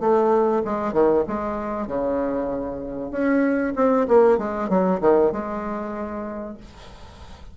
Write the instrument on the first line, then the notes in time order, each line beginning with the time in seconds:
bassoon
0.00 A3
0.65 G#3
0.93 D#3
1.28 G#3
1.87 C#3
3.11 C#4
3.76 C4
4.08 A#3
4.38 G#3
4.69 F#3
5.01 D#3
5.32 G#3